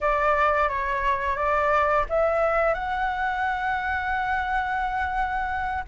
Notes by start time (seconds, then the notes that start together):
0.00 D5
0.68 C#5
1.36 D5
2.09 E5
2.73 F#5